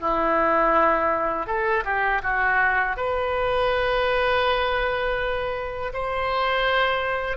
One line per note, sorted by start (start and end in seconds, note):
0.00 1.47 E4
1.47 1.84 A4
1.85 2.22 G4
2.23 2.96 F#4
2.96 5.93 B4
5.93 7.37 C5